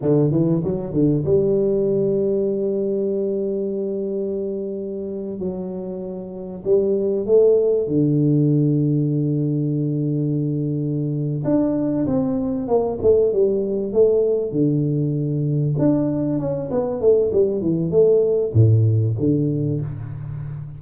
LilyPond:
\new Staff \with { instrumentName = "tuba" } { \time 4/4 \tempo 4 = 97 d8 e8 fis8 d8 g2~ | g1~ | g8. fis2 g4 a16~ | a8. d2.~ d16~ |
d2~ d8 d'4 c'8~ | c'8 ais8 a8 g4 a4 d8~ | d4. d'4 cis'8 b8 a8 | g8 e8 a4 a,4 d4 | }